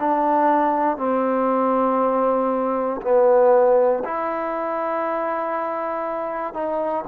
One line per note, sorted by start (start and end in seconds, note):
0.00 0.98 D4
0.98 3.01 C4
3.02 4.04 B3
4.04 6.54 E4
6.54 7.05 D#4